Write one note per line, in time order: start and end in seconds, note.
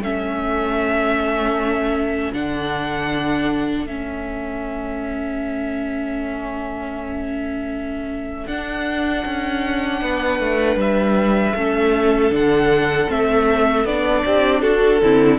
0.00 2.32 A3
0.00 2.34 C#4
0.00 10.00 A4
0.00 2.34 E5
2.33 3.86 D3
2.33 3.88 D4
2.33 3.87 F#5
3.86 8.47 A3
3.86 8.50 C#4
3.86 8.48 E5
8.47 9.24 D4
8.47 11.58 D4
8.47 10.79 F#5
9.25 10.02 C#4
10.02 10.40 B3
10.02 11.56 B4
10.40 10.76 A3
10.76 11.53 G3
10.76 12.35 E5
11.56 12.31 A3
11.56 12.32 C#4
11.56 14.25 A4
12.31 13.08 D3
12.31 13.08 D4
12.31 13.11 F#5
13.08 13.85 A3
13.08 13.85 C4
13.08 13.86 E5
13.85 14.24 B3
13.85 15.02 D4
13.85 14.62 D5
14.26 14.63 C4
14.26 14.64 G4
14.62 15.02 D4
14.62 15.03 F#4
14.62 15.39 A4
15.02 15.39 D3
15.02 15.39 C4
15.02 15.39 E4